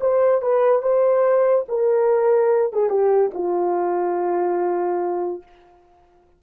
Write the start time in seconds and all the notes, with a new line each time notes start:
0.00 C5
0.41 B4
0.82 C5
1.68 A#4
2.73 G#4
2.89 G4
3.34 F4